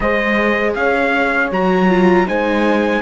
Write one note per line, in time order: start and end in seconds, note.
0.00 0.75 G#3
0.00 1.51 G#4
0.00 0.77 C5
0.00 0.74 D#5
0.75 1.51 C#4
0.75 2.27 C#5
0.75 1.50 F5
1.51 2.27 F#3
1.51 1.89 F#4
1.51 2.28 A#5
1.89 2.27 F4
2.27 3.02 G#3
2.27 3.02 D#4
2.27 3.02 C5
2.27 3.02 G#5